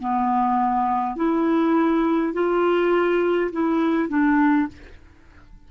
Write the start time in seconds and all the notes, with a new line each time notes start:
0.00 B3
1.17 E4
2.34 F4
3.52 E4
4.09 D4